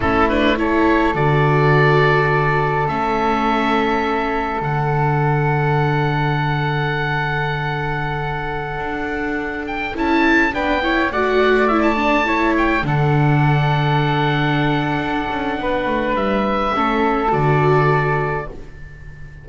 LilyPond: <<
  \new Staff \with { instrumentName = "oboe" } { \time 4/4 \tempo 4 = 104 a'8 b'8 cis''4 d''2~ | d''4 e''2. | fis''1~ | fis''1~ |
fis''8. g''8 a''4 g''4 fis''8.~ | fis''16 e''16 a''4~ a''16 g''8 fis''4.~ fis''16~ | fis''1 | e''2 d''2 | }
  \new Staff \with { instrumentName = "flute" } { \time 4/4 e'4 a'2.~ | a'1~ | a'1~ | a'1~ |
a'2~ a'16 b'8 cis''8 d''8.~ | d''4~ d''16 cis''4 a'4.~ a'16~ | a'2. b'4~ | b'4 a'2. | }
  \new Staff \with { instrumentName = "viola" } { \time 4/4 cis'8 d'8 e'4 fis'2~ | fis'4 cis'2. | d'1~ | d'1~ |
d'4~ d'16 e'4 d'8 e'8 fis'8.~ | fis'16 e'8 d'8 e'4 d'4.~ d'16~ | d'1~ | d'4 cis'4 fis'2 | }
  \new Staff \with { instrumentName = "double bass" } { \time 4/4 a2 d2~ | d4 a2. | d1~ | d2.~ d16 d'8.~ |
d'4~ d'16 cis'4 b4 a8.~ | a2~ a16 d4.~ d16~ | d2 d'8 cis'8 b8 a8 | g4 a4 d2 | }
>>